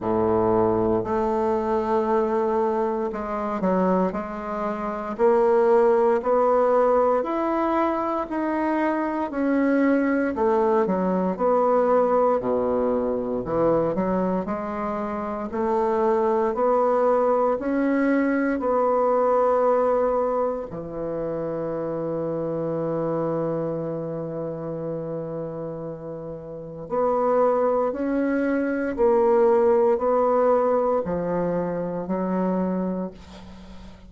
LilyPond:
\new Staff \with { instrumentName = "bassoon" } { \time 4/4 \tempo 4 = 58 a,4 a2 gis8 fis8 | gis4 ais4 b4 e'4 | dis'4 cis'4 a8 fis8 b4 | b,4 e8 fis8 gis4 a4 |
b4 cis'4 b2 | e1~ | e2 b4 cis'4 | ais4 b4 f4 fis4 | }